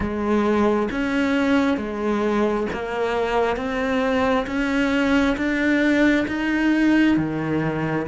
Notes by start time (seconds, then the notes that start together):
0.00 G#3
0.91 C#4
1.77 G#3
2.73 A#3
3.56 C4
4.47 C#4
5.36 D4
6.27 D#4
7.16 D#3